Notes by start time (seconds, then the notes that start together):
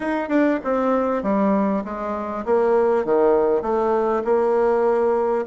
0.00 D#4
0.28 D4
0.64 C4
1.23 G3
1.84 G#3
2.45 A#3
3.04 D#3
3.62 A3
4.24 A#3